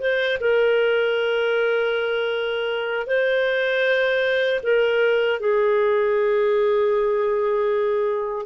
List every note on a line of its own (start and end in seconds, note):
0.00 0.38 C5
0.41 3.07 A#4
3.07 4.61 C5
4.63 5.40 A#4
5.40 8.46 G#4